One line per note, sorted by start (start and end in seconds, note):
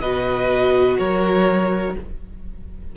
0.00 0.99 B2
0.00 1.97 F#4
0.00 0.98 B4
0.00 0.97 D#5
0.98 1.96 F#3
0.98 1.96 A#4
0.98 1.95 C#5